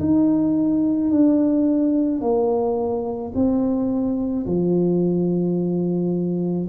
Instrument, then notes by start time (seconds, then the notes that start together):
tuba
0.00 D#4
1.11 D4
2.21 A#3
3.35 C4
4.46 F3